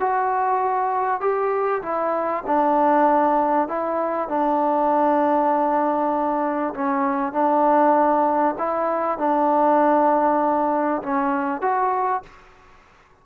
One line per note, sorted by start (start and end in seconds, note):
0.00 1.21 F#4
1.21 1.82 G4
1.83 2.44 E4
2.47 3.68 D4
3.68 4.29 E4
4.29 6.74 D4
6.74 7.33 C#4
7.33 8.55 D4
8.59 9.19 E4
9.19 11.02 D4
11.03 11.62 C#4
11.62 12.23 F#4